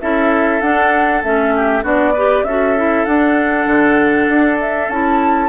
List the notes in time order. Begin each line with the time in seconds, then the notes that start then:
0.00 C#4 E4 A4 E5
0.60 D4 F#5
1.23 A3 C#4 E5
1.55 G4
1.82 B3 D4 F#4 D5
2.13 G4 B4
2.43 C#4 F#4 A4 E5
2.76 E4
3.04 D4 F#5
3.66 D3
4.28 D4
4.60 E5
4.89 C#4 E4 A5